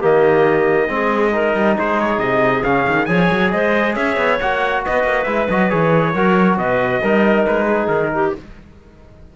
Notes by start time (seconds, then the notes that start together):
0.00 D#3 A#3 G4 D#5
0.88 G#3 C4 G#4
1.32 D#4 A#4
1.54 G3
1.77 G#3 G#4 C5
2.00 C#5
2.19 C3 D#5
2.63 C#3 C#4 F5
2.88 D#3
3.06 F3 G#4 C#5 G#5
3.31 F#3
3.51 G#3 C5 D#5
3.95 C#4 C#5 E5
4.17 B3
4.40 A#3 F#4 F#5
4.85 B3 B4 D#5
5.04 A#3
5.24 G#3 E4 E5
5.50 F#3 F#4 D#5
5.70 E3 G#4 C#5
6.14 F#3 F#4 A#4
6.57 B2 B4 D#5
7.01 G3 D#4 A#4
7.46 G#3 B4
7.66 G#4
7.88 D#3 A#4
8.14 G4